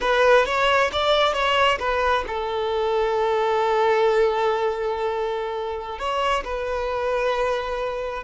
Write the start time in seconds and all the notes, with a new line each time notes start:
0.01 B4
0.45 C#5
0.92 D5
1.33 C#5
1.79 B4
2.27 A4
5.98 C#5
6.44 B4